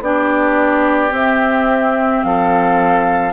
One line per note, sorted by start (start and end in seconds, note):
0.00 1.11 B3
0.00 1.10 D4
0.00 2.26 G4
0.00 1.14 D5
1.10 3.32 C4
1.10 2.22 C4
1.10 2.24 E5
2.24 3.34 F3
2.24 3.34 A4
2.24 3.34 F5